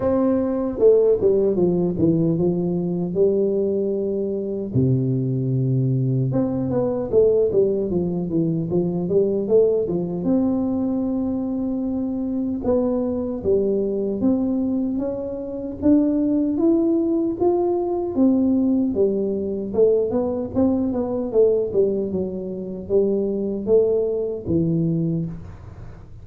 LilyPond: \new Staff \with { instrumentName = "tuba" } { \time 4/4 \tempo 4 = 76 c'4 a8 g8 f8 e8 f4 | g2 c2 | c'8 b8 a8 g8 f8 e8 f8 g8 | a8 f8 c'2. |
b4 g4 c'4 cis'4 | d'4 e'4 f'4 c'4 | g4 a8 b8 c'8 b8 a8 g8 | fis4 g4 a4 e4 | }